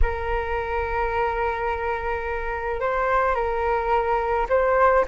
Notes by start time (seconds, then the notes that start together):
0.02 A#4
2.80 C5
3.34 A#4
4.49 C5